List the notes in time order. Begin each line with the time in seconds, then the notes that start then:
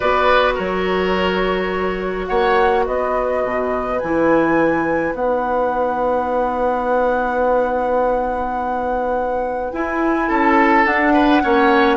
0.00 B3 F#4 B4 D5
0.54 F#3 A#4 C#5
2.26 A#3 C#5 F#5
2.85 B3 B4 D#5
3.44 B2
3.98 E3 E4 G#5
5.13 B3 D#4 F#5
9.72 E4 G#5
10.28 C#4 A4 A5
10.85 D4 F#5
11.13 B4
11.42 A#3 C#4 C#5